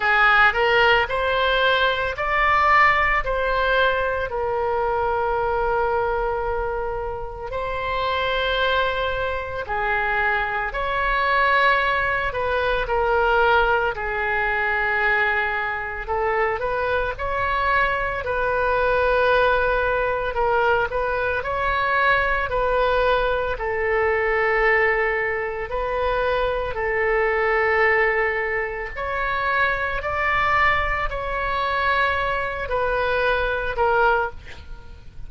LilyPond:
\new Staff \with { instrumentName = "oboe" } { \time 4/4 \tempo 4 = 56 gis'8 ais'8 c''4 d''4 c''4 | ais'2. c''4~ | c''4 gis'4 cis''4. b'8 | ais'4 gis'2 a'8 b'8 |
cis''4 b'2 ais'8 b'8 | cis''4 b'4 a'2 | b'4 a'2 cis''4 | d''4 cis''4. b'4 ais'8 | }